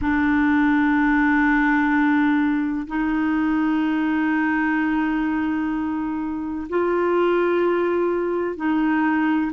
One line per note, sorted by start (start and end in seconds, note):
0.01 2.87 D4
2.87 6.68 D#4
6.69 8.56 F4
8.56 9.51 D#4